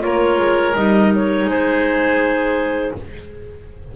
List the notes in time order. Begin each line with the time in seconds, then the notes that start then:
0.00 A#3 F4 A#4 C#5
0.38 G#3
0.76 G3 D#4 D#5
1.16 C#5
1.45 G#3 G#4 C5